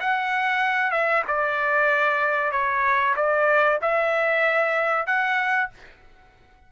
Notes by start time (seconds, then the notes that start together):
0.00 F#5
0.91 E5
1.27 D5
2.51 C#5
3.16 D5
3.81 E5
5.06 F#5